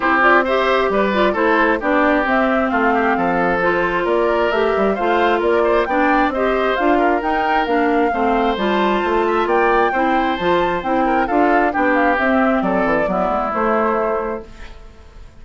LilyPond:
<<
  \new Staff \with { instrumentName = "flute" } { \time 4/4 \tempo 4 = 133 c''8 d''8 e''4 d''4 c''4 | d''4 e''4 f''2 | c''4 d''4 e''4 f''4 | d''4 g''4 dis''4 f''4 |
g''4 f''2 a''4~ | a''4 g''2 a''4 | g''4 f''4 g''8 f''8 e''4 | d''2 c''2 | }
  \new Staff \with { instrumentName = "oboe" } { \time 4/4 g'4 c''4 b'4 a'4 | g'2 f'8 g'8 a'4~ | a'4 ais'2 c''4 | ais'8 c''8 d''4 c''4. ais'8~ |
ais'2 c''2~ | c''8 e''8 d''4 c''2~ | c''8 ais'8 a'4 g'2 | a'4 e'2. | }
  \new Staff \with { instrumentName = "clarinet" } { \time 4/4 e'8 f'8 g'4. f'8 e'4 | d'4 c'2. | f'2 g'4 f'4~ | f'4 d'4 g'4 f'4 |
dis'4 d'4 c'4 f'4~ | f'2 e'4 f'4 | e'4 f'4 d'4 c'4~ | c'4 b4 a2 | }
  \new Staff \with { instrumentName = "bassoon" } { \time 4/4 c'2 g4 a4 | b4 c'4 a4 f4~ | f4 ais4 a8 g8 a4 | ais4 b4 c'4 d'4 |
dis'4 ais4 a4 g4 | a4 ais4 c'4 f4 | c'4 d'4 b4 c'4 | fis8 e8 fis8 gis8 a2 | }
>>